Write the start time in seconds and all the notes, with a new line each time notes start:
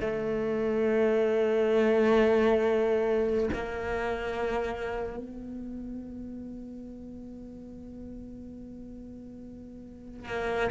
0.00 A3
3.53 A#3
5.17 B3
10.28 A#3